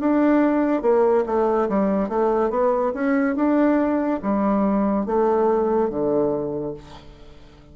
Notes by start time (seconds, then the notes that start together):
0.00 D4
0.82 A#3
1.26 A3
1.69 G3
2.09 A3
2.50 B3
2.94 C#4
3.36 D4
4.23 G3
5.06 A3
5.90 D3